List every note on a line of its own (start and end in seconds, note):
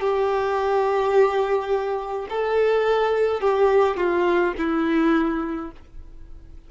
0.00 2.26 G4
2.29 3.41 A4
3.41 3.96 G4
3.96 4.53 F4
4.57 5.71 E4